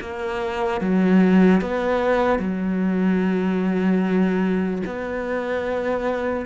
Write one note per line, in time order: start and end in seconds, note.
0.00 0.81 A#3
0.81 1.61 F#3
1.61 2.39 B3
2.39 4.82 F#3
4.86 6.46 B3